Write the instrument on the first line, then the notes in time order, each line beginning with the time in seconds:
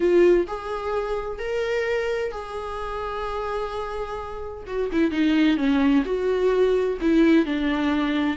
viola
0.00 F4
0.47 G#4
1.38 A#4
2.31 G#4
4.66 F#4
4.92 E4
5.11 D#4
5.57 C#4
6.05 F#4
7.01 E4
7.45 D4